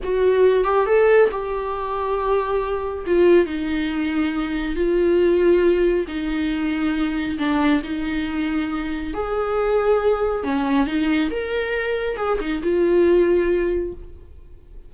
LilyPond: \new Staff \with { instrumentName = "viola" } { \time 4/4 \tempo 4 = 138 fis'4. g'8 a'4 g'4~ | g'2. f'4 | dis'2. f'4~ | f'2 dis'2~ |
dis'4 d'4 dis'2~ | dis'4 gis'2. | cis'4 dis'4 ais'2 | gis'8 dis'8 f'2. | }